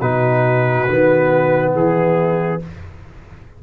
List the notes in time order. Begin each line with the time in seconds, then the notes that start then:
0.00 B2 D#4 F#4 B4
0.88 D#3 B3
1.74 E3 E4 G#4